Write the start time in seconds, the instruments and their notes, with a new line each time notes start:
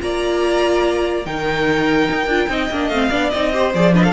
0.00 cello A#3, viola F4, violin D5 A#5
1.25 cello D#3, viola D#4, violin A#4 G5
2.10 cello D#4
2.26 cello D4, viola F4
2.49 cello C4, viola D#4, violin D#5
2.71 cello A#3, viola D4
2.88 cello A3, viola C4, violin F5
3.10 cello B3, viola D4, violin D5
3.30 cello C4, viola D#4, violin D#5
3.52 viola G4, violin C5
3.74 cello F3, viola G#4, violin D5
3.93 viola D4, violin B4 D#5
4.03 violin A4 F5